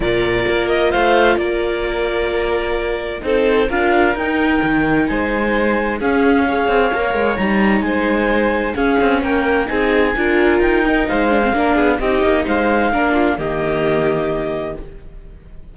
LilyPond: <<
  \new Staff \with { instrumentName = "clarinet" } { \time 4/4 \tempo 4 = 130 d''4. dis''8 f''4 d''4~ | d''2. c''4 | f''4 g''2 gis''4~ | gis''4 f''2. |
ais''4 gis''2 f''4 | g''4 gis''2 g''4 | f''2 dis''4 f''4~ | f''4 dis''2. | }
  \new Staff \with { instrumentName = "violin" } { \time 4/4 ais'2 c''4 ais'4~ | ais'2. a'4 | ais'2. c''4~ | c''4 gis'4 cis''2~ |
cis''4 c''2 gis'4 | ais'4 gis'4 ais'2 | c''4 ais'8 gis'8 g'4 c''4 | ais'8 f'8 g'2. | }
  \new Staff \with { instrumentName = "viola" } { \time 4/4 f'1~ | f'2. dis'4 | f'4 dis'2.~ | dis'4 cis'4 gis'4 ais'4 |
dis'2. cis'4~ | cis'4 dis'4 f'4. dis'8~ | dis'8 d'16 c'16 d'4 dis'2 | d'4 ais2. | }
  \new Staff \with { instrumentName = "cello" } { \time 4/4 ais,4 ais4 a4 ais4~ | ais2. c'4 | d'4 dis'4 dis4 gis4~ | gis4 cis'4. c'8 ais8 gis8 |
g4 gis2 cis'8 c'8 | ais4 c'4 d'4 dis'4 | gis4 ais8 b8 c'8 ais8 gis4 | ais4 dis2. | }
>>